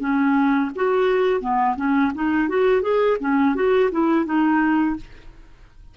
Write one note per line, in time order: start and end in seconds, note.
0.00 0.71 C#4
0.75 1.41 F#4
1.41 1.76 B3
1.76 2.12 C#4
2.15 2.49 D#4
2.49 2.82 F#4
2.82 3.17 G#4
3.20 3.55 C#4
3.55 3.90 F#4
3.91 4.26 E4
4.26 4.96 D#4